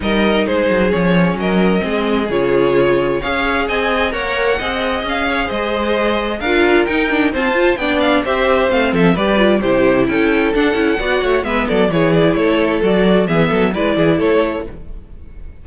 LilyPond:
<<
  \new Staff \with { instrumentName = "violin" } { \time 4/4 \tempo 4 = 131 dis''4 c''4 cis''4 dis''4~ | dis''4 cis''2 f''4 | gis''4 fis''2 f''4 | dis''2 f''4 g''4 |
a''4 g''8 f''8 e''4 f''8 e''8 | d''4 c''4 g''4 fis''4~ | fis''4 e''8 d''8 cis''8 d''8 cis''4 | d''4 e''4 d''4 cis''4 | }
  \new Staff \with { instrumentName = "violin" } { \time 4/4 ais'4 gis'2 ais'4 | gis'2. cis''4 | dis''4 cis''4 dis''4. cis''8 | c''2 ais'2 |
c''4 d''4 c''4. a'8 | b'4 g'4 a'2 | d''8 cis''8 b'8 a'8 gis'4 a'4~ | a'4 gis'8 a'8 b'8 gis'8 a'4 | }
  \new Staff \with { instrumentName = "viola" } { \time 4/4 dis'2 cis'2 | c'4 f'2 gis'4~ | gis'4 ais'4 gis'2~ | gis'2 f'4 dis'8 d'8 |
c'8 f'8 d'4 g'4 c'4 | g'8 f'8 e'2 d'8 e'8 | fis'4 b4 e'2 | fis'4 b4 e'2 | }
  \new Staff \with { instrumentName = "cello" } { \time 4/4 g4 gis8 fis8 f4 fis4 | gis4 cis2 cis'4 | c'4 ais4 c'4 cis'4 | gis2 d'4 dis'4 |
f'4 b4 c'4 a8 f8 | g4 c4 cis'4 d'8 cis'8 | b8 a8 gis8 fis8 e4 a4 | fis4 e8 fis8 gis8 e8 a4 | }
>>